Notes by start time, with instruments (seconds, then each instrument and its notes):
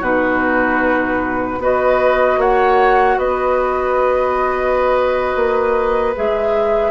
0.00 bassoon B2, clarinet D#4, oboe F#4, flute B4
1.58 bassoon B3, clarinet F#4, oboe B4, flute D#5
2.37 bassoon A#3, oboe C#5, flute F#5
3.17 bassoon B3, oboe B4, flute D#5
5.35 bassoon A#3
6.15 bassoon G#3, clarinet G#4, flute E5